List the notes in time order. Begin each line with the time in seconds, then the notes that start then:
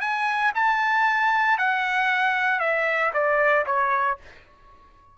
0.00 G#5
0.55 A5
1.58 F#5
2.59 E5
3.13 D5
3.66 C#5